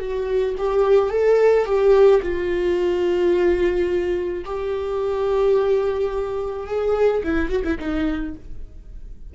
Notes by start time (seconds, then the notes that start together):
0.00 F#4
0.58 G4
1.10 A4
1.66 G4
2.22 F4
4.45 G4
6.67 G#4
7.24 E4
7.49 F#4
7.65 E4
7.80 D#4